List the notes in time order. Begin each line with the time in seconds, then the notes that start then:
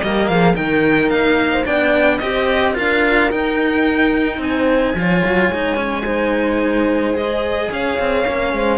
0.00 G3 A#3 G4 D#5
0.27 F3 G#4 F5
0.53 D#3 D#4 A#4 G5
1.09 A#3 F5
1.52 C5
1.65 B3 D4 D5 G5
2.18 C4 G4 C5 D#5
2.73 D4 F4 A#4 F5
3.31 D#4 G5
4.37 C4 C5 G#5
4.94 F3 F4 C#5
5.25 F#3
5.48 G#3 D#4
5.75 C#4
6.04 D#4 C5
7.14 G#4 D#5
7.71 C#4 C#5 F5
7.98 C4
8.27 A#3 C#4
8.53 G#3 C5